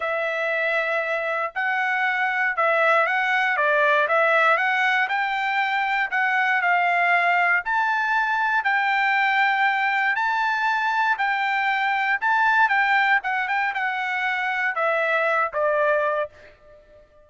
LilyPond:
\new Staff \with { instrumentName = "trumpet" } { \time 4/4 \tempo 4 = 118 e''2. fis''4~ | fis''4 e''4 fis''4 d''4 | e''4 fis''4 g''2 | fis''4 f''2 a''4~ |
a''4 g''2. | a''2 g''2 | a''4 g''4 fis''8 g''8 fis''4~ | fis''4 e''4. d''4. | }